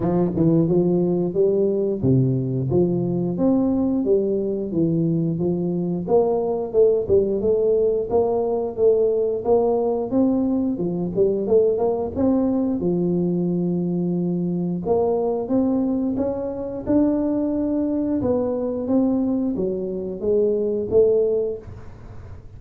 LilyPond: \new Staff \with { instrumentName = "tuba" } { \time 4/4 \tempo 4 = 89 f8 e8 f4 g4 c4 | f4 c'4 g4 e4 | f4 ais4 a8 g8 a4 | ais4 a4 ais4 c'4 |
f8 g8 a8 ais8 c'4 f4~ | f2 ais4 c'4 | cis'4 d'2 b4 | c'4 fis4 gis4 a4 | }